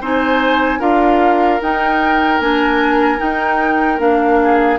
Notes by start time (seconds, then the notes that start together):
0.00 C4 D#4 C5 G#5
0.79 D4 F4 A#4 F5
1.61 D#4 G5
2.40 A#3 D4 G#5
3.18 D#4 G5
3.98 A#3 D4 F5
4.43 G#4